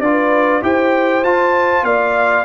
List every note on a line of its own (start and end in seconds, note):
0.00 0.61 D4
0.00 0.61 F4
0.00 0.63 B4
0.00 0.62 D5
0.61 1.23 E4
0.61 1.23 G4
0.61 1.85 C5
0.61 1.24 G5
1.23 1.83 F4
1.23 2.45 F4
1.23 1.84 A5
1.83 2.45 A#3
1.83 2.45 D5
1.83 2.45 F5